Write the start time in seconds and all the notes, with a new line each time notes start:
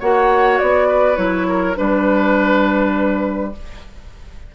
0.00 A#3 F#4 C#5 F#5
0.59 B3 D5
0.88 B4
1.16 F#3 E4 C#5
1.49 A#4
1.76 G3 D4 B4